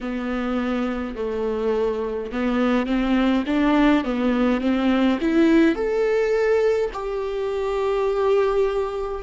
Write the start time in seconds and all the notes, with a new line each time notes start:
0.00 B3
1.15 A3
2.31 B3
2.86 C4
3.46 D4
4.04 B3
4.60 C4
5.20 E4
5.75 A4
6.93 G4